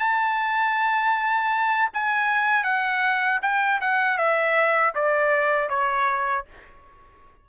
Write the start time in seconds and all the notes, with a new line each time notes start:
0.00 A5
1.94 G#5
2.64 F#5
3.42 G5
3.81 F#5
4.18 E5
4.95 D5
5.69 C#5